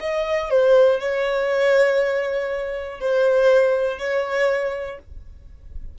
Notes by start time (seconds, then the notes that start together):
0.00 D#5
0.50 C5
1.00 C#5
3.00 C5
3.99 C#5